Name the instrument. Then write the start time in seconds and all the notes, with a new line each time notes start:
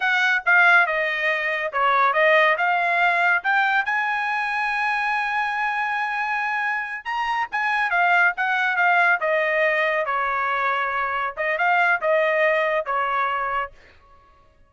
trumpet
0.00 F#5
0.45 F5
0.86 D#5
1.72 C#5
2.13 D#5
2.57 F5
3.43 G5
3.85 G#5
7.04 A#5
7.51 G#5
7.90 F5
8.36 F#5
8.76 F5
9.20 D#5
10.05 C#5
11.36 D#5
11.57 F5
12.01 D#5
12.85 C#5